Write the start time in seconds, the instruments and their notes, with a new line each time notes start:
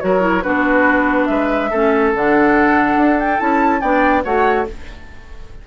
0.00 bassoon F#3, clarinet F#4, oboe A#4, flute C#5
0.20 clarinet E4
0.42 bassoon B3, clarinet D4, oboe F#4, flute B4
1.25 bassoon G#3, oboe B4, flute E5
1.70 bassoon A3, clarinet C#4, oboe A4
2.14 bassoon D3, clarinet D4, flute F#5
2.97 bassoon D4
3.19 flute G5
3.38 bassoon C#4, clarinet E4, flute A5
3.81 bassoon B3, clarinet D4, oboe D5, flute G5
4.24 bassoon A3, clarinet F#4, oboe C#5, flute F#5